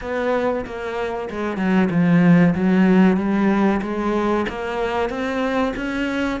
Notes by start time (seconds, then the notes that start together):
0.01 B3
0.65 A#3
1.29 G#3
1.57 F#3
1.90 F3
2.54 F#3
3.17 G3
3.82 G#3
4.49 A#3
5.09 C4
5.76 C#4